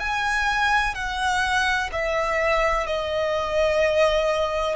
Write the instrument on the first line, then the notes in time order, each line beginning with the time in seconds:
violin
0.00 G#5
0.95 F#5
1.93 E5
2.87 D#5